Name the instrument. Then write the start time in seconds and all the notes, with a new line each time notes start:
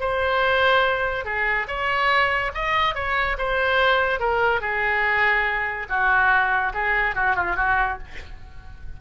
oboe
0.00 C5
1.25 G#4
1.68 C#5
2.54 D#5
2.95 C#5
3.38 C5
4.19 A#4
4.61 G#4
5.89 F#4
6.73 G#4
7.15 F#4
7.35 F4
7.56 F#4